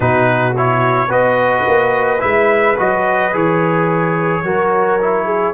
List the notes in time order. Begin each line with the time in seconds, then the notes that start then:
0.00 B2 D#4 F#4 B4
0.56 E4 C#5
1.07 B3 F#4 B4 D#5
1.67 A#3
2.19 G#3 E4 E5
2.77 F#3 F#4 D#5
3.32 E3 G#4 C#5
4.43 F#3 F#4 A#4
5.01 E4
5.25 G#4